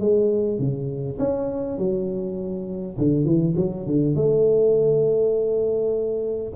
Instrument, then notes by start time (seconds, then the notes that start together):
tuba
0.00 G#3
0.59 C#3
1.19 C#4
1.78 F#3
2.98 D3
3.25 E3
3.56 F#3
3.86 D3
4.15 A3